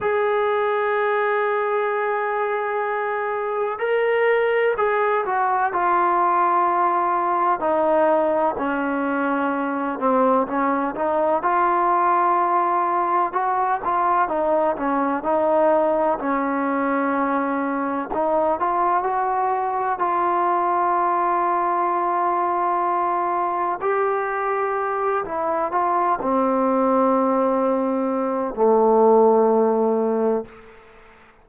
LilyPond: \new Staff \with { instrumentName = "trombone" } { \time 4/4 \tempo 4 = 63 gis'1 | ais'4 gis'8 fis'8 f'2 | dis'4 cis'4. c'8 cis'8 dis'8 | f'2 fis'8 f'8 dis'8 cis'8 |
dis'4 cis'2 dis'8 f'8 | fis'4 f'2.~ | f'4 g'4. e'8 f'8 c'8~ | c'2 a2 | }